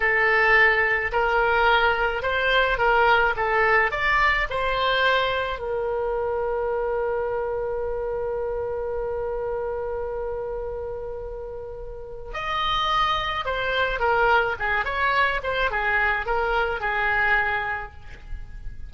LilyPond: \new Staff \with { instrumentName = "oboe" } { \time 4/4 \tempo 4 = 107 a'2 ais'2 | c''4 ais'4 a'4 d''4 | c''2 ais'2~ | ais'1~ |
ais'1~ | ais'2 dis''2 | c''4 ais'4 gis'8 cis''4 c''8 | gis'4 ais'4 gis'2 | }